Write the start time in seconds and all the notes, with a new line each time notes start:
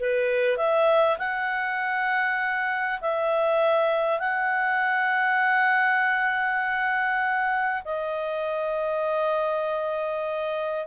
0.00 B4
0.58 E5
1.19 F#5
3.01 E5
4.20 F#5
7.85 D#5